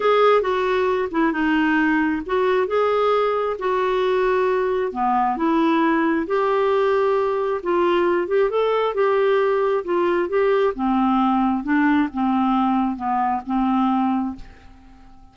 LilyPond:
\new Staff \with { instrumentName = "clarinet" } { \time 4/4 \tempo 4 = 134 gis'4 fis'4. e'8 dis'4~ | dis'4 fis'4 gis'2 | fis'2. b4 | e'2 g'2~ |
g'4 f'4. g'8 a'4 | g'2 f'4 g'4 | c'2 d'4 c'4~ | c'4 b4 c'2 | }